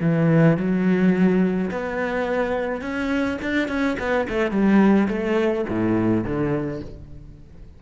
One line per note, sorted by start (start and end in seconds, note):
0.00 0.56 E3
0.56 1.70 F#3
1.70 2.81 B3
2.81 3.38 C#4
3.41 3.68 D4
3.68 3.96 C#4
3.99 4.27 B3
4.28 4.51 A3
4.51 5.07 G3
5.08 5.64 A3
5.69 6.24 A2
6.24 6.80 D3